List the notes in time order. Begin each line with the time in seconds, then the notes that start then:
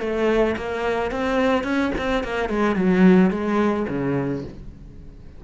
0.00 A3
0.56 A#3
1.11 C4
1.64 C#4
1.98 C4
2.24 A#3
2.49 G#3
2.76 F#3
3.31 G#3
3.88 C#3